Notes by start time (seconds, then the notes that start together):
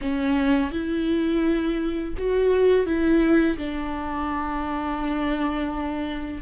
0.01 C#4
0.71 E4
2.17 F#4
2.86 E4
3.57 D4